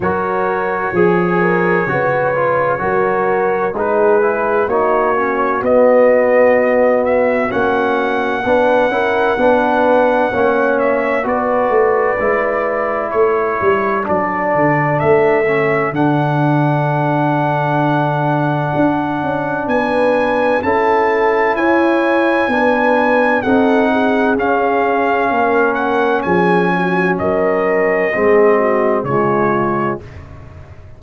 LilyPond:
<<
  \new Staff \with { instrumentName = "trumpet" } { \time 4/4 \tempo 4 = 64 cis''1 | b'4 cis''4 dis''4. e''8 | fis''2.~ fis''8 e''8 | d''2 cis''4 d''4 |
e''4 fis''2.~ | fis''4 gis''4 a''4 gis''4~ | gis''4 fis''4 f''4. fis''8 | gis''4 dis''2 cis''4 | }
  \new Staff \with { instrumentName = "horn" } { \time 4/4 ais'4 gis'8 ais'8 b'4 ais'4 | gis'4 fis'2.~ | fis'4 b'8 ais'8 b'4 cis''4 | b'2 a'2~ |
a'1~ | a'4 b'4 a'4 cis''4 | b'4 a'8 gis'4. ais'4 | gis'8 fis'8 ais'4 gis'8 fis'8 f'4 | }
  \new Staff \with { instrumentName = "trombone" } { \time 4/4 fis'4 gis'4 fis'8 f'8 fis'4 | dis'8 e'8 dis'8 cis'8 b2 | cis'4 d'8 e'8 d'4 cis'4 | fis'4 e'2 d'4~ |
d'8 cis'8 d'2.~ | d'2 e'2 | d'4 dis'4 cis'2~ | cis'2 c'4 gis4 | }
  \new Staff \with { instrumentName = "tuba" } { \time 4/4 fis4 f4 cis4 fis4 | gis4 ais4 b2 | ais4 b8 cis'8 b4 ais4 | b8 a8 gis4 a8 g8 fis8 d8 |
a4 d2. | d'8 cis'8 b4 cis'4 e'4 | b4 c'4 cis'4 ais4 | f4 fis4 gis4 cis4 | }
>>